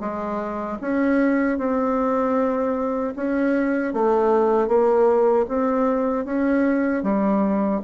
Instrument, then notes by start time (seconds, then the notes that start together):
bassoon
0.00 G#3
0.80 C#4
1.58 C4
3.15 C#4
3.93 A3
4.68 A#3
5.48 C4
6.25 C#4
7.03 G3